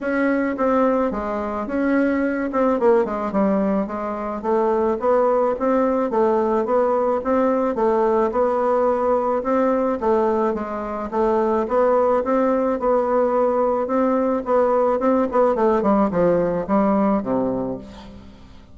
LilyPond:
\new Staff \with { instrumentName = "bassoon" } { \time 4/4 \tempo 4 = 108 cis'4 c'4 gis4 cis'4~ | cis'8 c'8 ais8 gis8 g4 gis4 | a4 b4 c'4 a4 | b4 c'4 a4 b4~ |
b4 c'4 a4 gis4 | a4 b4 c'4 b4~ | b4 c'4 b4 c'8 b8 | a8 g8 f4 g4 c4 | }